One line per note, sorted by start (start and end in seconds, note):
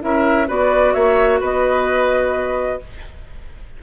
0.00 0.49 C#4
0.00 0.47 E4
0.00 0.48 A#4
0.00 0.49 E5
0.47 0.95 B3
0.47 2.80 F#4
0.47 0.94 B4
0.47 0.94 D5
0.94 1.41 A#3
0.94 1.40 C#5
0.94 1.40 E5
1.40 2.81 B3
1.40 2.80 B4
1.40 2.83 D#5